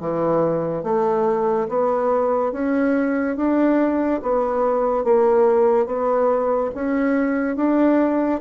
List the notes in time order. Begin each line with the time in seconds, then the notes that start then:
0.00 E3
0.83 A3
1.69 B3
2.52 C#4
3.36 D4
4.22 B3
5.04 A#3
5.86 B3
6.75 C#4
7.56 D4